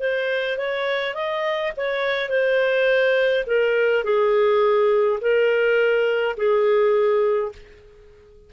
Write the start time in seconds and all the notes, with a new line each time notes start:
0.00 C5
0.58 C#5
1.15 D#5
1.77 C#5
2.30 C5
3.47 A#4
4.04 G#4
5.21 A#4
6.37 G#4